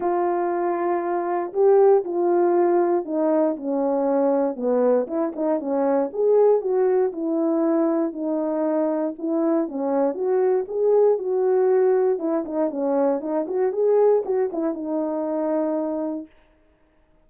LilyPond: \new Staff \with { instrumentName = "horn" } { \time 4/4 \tempo 4 = 118 f'2. g'4 | f'2 dis'4 cis'4~ | cis'4 b4 e'8 dis'8 cis'4 | gis'4 fis'4 e'2 |
dis'2 e'4 cis'4 | fis'4 gis'4 fis'2 | e'8 dis'8 cis'4 dis'8 fis'8 gis'4 | fis'8 e'8 dis'2. | }